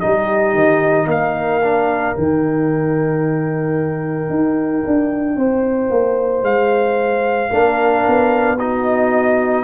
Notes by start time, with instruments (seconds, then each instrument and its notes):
0.00 tuba G3, trombone D#4, horn G4, trumpet D#5
0.54 tuba D#3
1.06 tuba A#3, horn A#4, trumpet F5
1.63 trombone D4
2.15 tuba D#3, trombone D#4, trumpet G5
4.30 tuba D#4
4.87 tuba D4
5.36 tuba C4, horn C5
5.90 tuba A#3
6.43 tuba G#3, trumpet F5
7.50 tuba A#3, trombone D4, horn A#4
8.07 tuba B3
8.58 trombone D#4, horn F#4, trumpet D#5